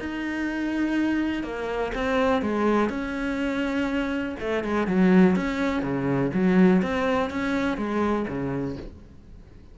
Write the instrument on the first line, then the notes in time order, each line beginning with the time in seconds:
cello
0.00 D#4
1.44 A#3
1.95 C4
2.42 G#3
2.90 C#4
4.40 A3
4.64 G#3
4.88 F#3
5.36 C#4
5.82 C#3
6.34 F#3
6.83 C4
7.31 C#4
7.78 G#3
8.28 C#3